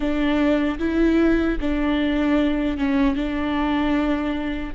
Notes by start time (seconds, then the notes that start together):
0.00 D4
0.79 E4
1.60 D4
2.77 C#4
3.15 D4